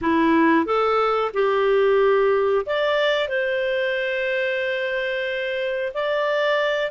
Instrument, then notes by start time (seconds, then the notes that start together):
clarinet
0.01 E4
0.65 A4
1.33 G4
2.66 D5
3.28 C5
5.94 D5